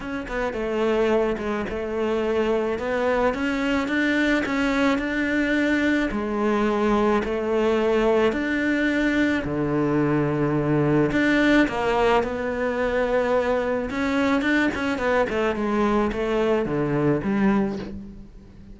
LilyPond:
\new Staff \with { instrumentName = "cello" } { \time 4/4 \tempo 4 = 108 cis'8 b8 a4. gis8 a4~ | a4 b4 cis'4 d'4 | cis'4 d'2 gis4~ | gis4 a2 d'4~ |
d'4 d2. | d'4 ais4 b2~ | b4 cis'4 d'8 cis'8 b8 a8 | gis4 a4 d4 g4 | }